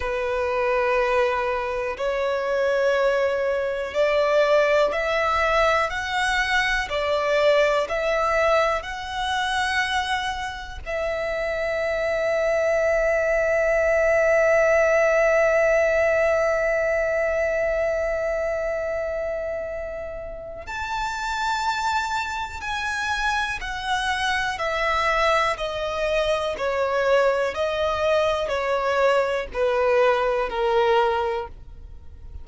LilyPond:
\new Staff \with { instrumentName = "violin" } { \time 4/4 \tempo 4 = 61 b'2 cis''2 | d''4 e''4 fis''4 d''4 | e''4 fis''2 e''4~ | e''1~ |
e''1~ | e''4 a''2 gis''4 | fis''4 e''4 dis''4 cis''4 | dis''4 cis''4 b'4 ais'4 | }